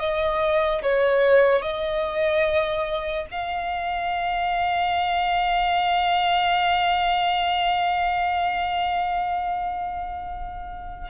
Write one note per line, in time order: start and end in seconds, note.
0.00 0.82 D#5
0.82 1.62 C#5
1.62 3.27 D#5
3.31 11.10 F5